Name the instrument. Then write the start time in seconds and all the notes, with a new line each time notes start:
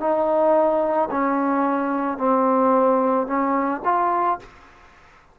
trombone
0.00 D#4
1.11 C#4
2.18 C4
3.27 C#4
3.85 F4